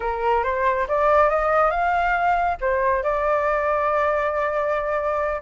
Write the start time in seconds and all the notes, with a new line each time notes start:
0.00 A#4
0.43 C5
0.87 D5
1.29 D#5
1.70 F5
2.60 C5
3.03 D5